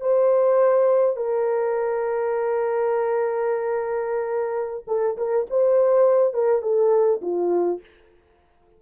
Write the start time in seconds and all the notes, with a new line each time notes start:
0.00 C5
1.16 A#4
4.87 A4
5.17 A#4
5.50 C5
6.33 A#4
6.62 A4
7.21 F4